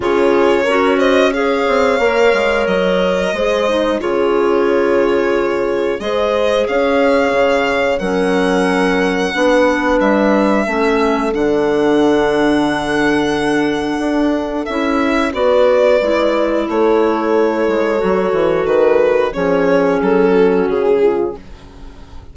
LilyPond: <<
  \new Staff \with { instrumentName = "violin" } { \time 4/4 \tempo 4 = 90 cis''4. dis''8 f''2 | dis''2 cis''2~ | cis''4 dis''4 f''2 | fis''2. e''4~ |
e''4 fis''2.~ | fis''2 e''4 d''4~ | d''4 cis''2. | b'4 cis''4 a'4 gis'4 | }
  \new Staff \with { instrumentName = "horn" } { \time 4/4 gis'4 ais'8 c''8 cis''2~ | cis''4 c''4 gis'2~ | gis'4 c''4 cis''2 | ais'2 b'2 |
a'1~ | a'2. b'4~ | b'4 a'2.~ | a'4 gis'4. fis'4 f'8 | }
  \new Staff \with { instrumentName = "clarinet" } { \time 4/4 f'4 fis'4 gis'4 ais'4~ | ais'4 gis'8 dis'8 f'2~ | f'4 gis'2. | cis'2 d'2 |
cis'4 d'2.~ | d'2 e'4 fis'4 | e'2. fis'4~ | fis'4 cis'2. | }
  \new Staff \with { instrumentName = "bassoon" } { \time 4/4 cis4 cis'4. c'8 ais8 gis8 | fis4 gis4 cis2~ | cis4 gis4 cis'4 cis4 | fis2 b4 g4 |
a4 d2.~ | d4 d'4 cis'4 b4 | gis4 a4. gis8 fis8 e8 | dis4 f4 fis4 cis4 | }
>>